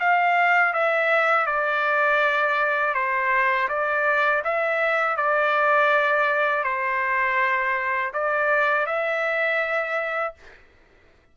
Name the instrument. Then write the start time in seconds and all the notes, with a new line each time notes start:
trumpet
0.00 F5
0.73 E5
1.46 D5
2.94 C5
3.69 D5
4.44 E5
5.17 D5
6.64 C5
8.13 D5
8.86 E5